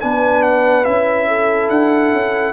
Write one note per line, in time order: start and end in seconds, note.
0.00 0.86 B3
0.00 0.85 D4
0.00 1.27 B4
0.00 0.42 G#5
0.42 0.84 F#5
0.84 1.69 C#4
0.84 2.52 E4
0.84 1.69 E5
1.27 2.52 A4
1.69 2.12 D4
1.69 2.52 F#5
2.12 2.52 C#4